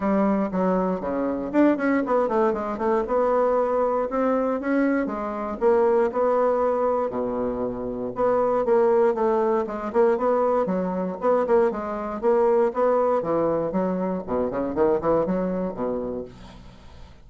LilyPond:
\new Staff \with { instrumentName = "bassoon" } { \time 4/4 \tempo 4 = 118 g4 fis4 cis4 d'8 cis'8 | b8 a8 gis8 a8 b2 | c'4 cis'4 gis4 ais4 | b2 b,2 |
b4 ais4 a4 gis8 ais8 | b4 fis4 b8 ais8 gis4 | ais4 b4 e4 fis4 | b,8 cis8 dis8 e8 fis4 b,4 | }